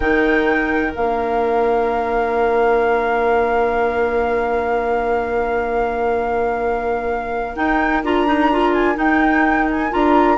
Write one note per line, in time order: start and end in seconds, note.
0.00 0.93 D#3
0.00 0.92 D#4
0.00 10.37 A#4
0.00 0.93 G5
0.92 7.56 A#3
0.92 7.53 D4
0.92 7.56 F5
7.55 8.02 D#4
7.55 8.03 G5
8.02 8.97 D4
8.02 8.26 F4
8.02 8.73 A#5
8.26 8.50 D#4
8.51 8.95 F4
8.73 8.97 G#5
8.95 9.89 D#4
8.95 9.91 D#4
8.95 9.69 G5
9.71 9.92 G#5
9.91 10.37 D4
9.91 10.37 F4
9.91 10.37 A#5